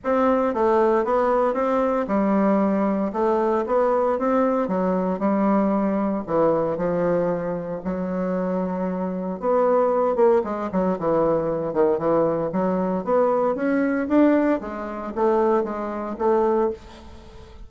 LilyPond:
\new Staff \with { instrumentName = "bassoon" } { \time 4/4 \tempo 4 = 115 c'4 a4 b4 c'4 | g2 a4 b4 | c'4 fis4 g2 | e4 f2 fis4~ |
fis2 b4. ais8 | gis8 fis8 e4. dis8 e4 | fis4 b4 cis'4 d'4 | gis4 a4 gis4 a4 | }